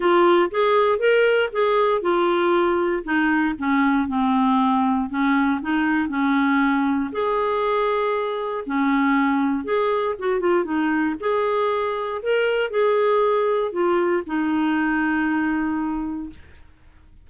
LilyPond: \new Staff \with { instrumentName = "clarinet" } { \time 4/4 \tempo 4 = 118 f'4 gis'4 ais'4 gis'4 | f'2 dis'4 cis'4 | c'2 cis'4 dis'4 | cis'2 gis'2~ |
gis'4 cis'2 gis'4 | fis'8 f'8 dis'4 gis'2 | ais'4 gis'2 f'4 | dis'1 | }